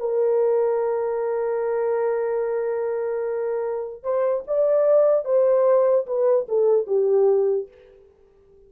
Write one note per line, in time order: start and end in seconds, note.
0.00 4.03 A#4
4.03 4.44 C5
4.48 5.25 D5
5.25 6.06 C5
6.07 6.47 B4
6.49 6.87 A4
6.87 7.68 G4